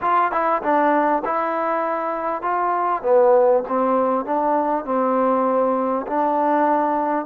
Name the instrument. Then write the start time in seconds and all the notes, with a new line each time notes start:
trombone
0.01 F4
0.31 E4
0.62 D4
1.24 E4
2.41 F4
3.02 B3
3.68 C4
4.25 D4
4.84 C4
6.06 D4